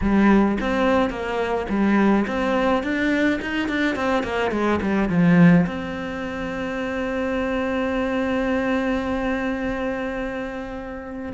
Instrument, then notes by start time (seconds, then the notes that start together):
cello
0.01 G3
0.60 C4
1.09 A#3
1.69 G3
2.27 C4
2.83 D4
3.41 D#4
3.68 D4
3.95 C4
4.23 A#3
4.51 G#3
4.81 G3
5.09 F3
5.66 C4